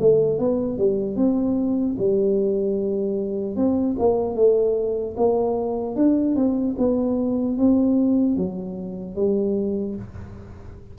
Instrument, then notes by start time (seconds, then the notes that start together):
tuba
0.00 A3
0.39 B3
0.78 G3
1.17 C4
1.99 G3
3.56 C4
3.99 A#3
4.36 A3
5.17 A#3
5.96 D4
6.36 C4
6.79 B3
7.58 C4
8.37 F#3
9.16 G3